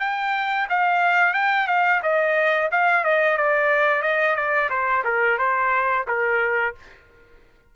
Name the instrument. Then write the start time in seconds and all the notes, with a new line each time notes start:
trumpet
0.00 G5
0.70 F5
1.34 G5
1.67 F5
2.03 D#5
2.72 F5
3.04 D#5
3.37 D5
4.02 D#5
4.36 D5
4.70 C5
5.04 A#4
5.38 C5
6.07 A#4